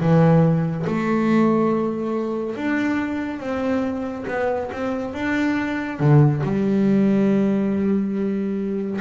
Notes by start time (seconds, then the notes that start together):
0.00 E3
0.87 A3
2.56 D4
3.40 C4
4.28 B3
4.73 C4
5.14 D4
6.00 D3
6.43 G3